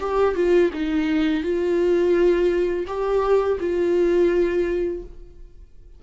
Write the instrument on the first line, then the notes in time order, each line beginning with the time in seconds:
viola
0.00 G4
0.35 F4
0.73 D#4
1.43 F4
2.87 G4
3.60 F4